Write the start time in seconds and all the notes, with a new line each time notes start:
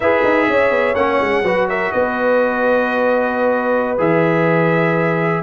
0.00 E4 G#4 B4 E5
0.24 D#4
0.48 C#4 C#5
0.70 B3
0.95 A#3 C#4 F#5
1.20 G#3
1.43 F#3 F#4 B4
1.68 A#4 E5
1.92 B3 B4 D#5
3.97 E3 G#4 E5